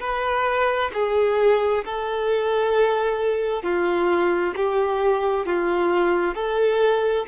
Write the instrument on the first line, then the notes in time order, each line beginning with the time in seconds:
violin
0.00 B4
0.93 G#4
1.85 A4
3.63 F4
4.56 G4
5.46 F4
6.35 A4